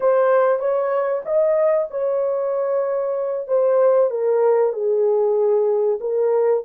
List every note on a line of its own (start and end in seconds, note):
0.00 0.59 C5
0.59 1.22 C#5
1.25 1.88 D#5
1.90 3.47 C#5
3.47 4.10 C5
4.10 4.72 A#4
4.72 5.99 G#4
6.00 6.63 A#4